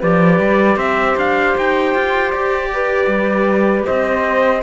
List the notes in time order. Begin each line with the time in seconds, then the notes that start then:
0.00 F3 G4 B4 D5
0.39 G3
0.76 C4 C5 E5
1.17 D4 F5
1.57 D#4 G5
1.95 F4
2.31 G4 D5
2.73 B4
3.07 G3
3.86 C4 C5 D#5